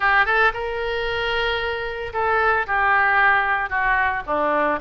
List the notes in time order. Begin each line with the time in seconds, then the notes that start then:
0.00 G4
0.25 A4
0.53 A#4
2.13 A4
2.66 G4
3.69 F#4
4.26 D4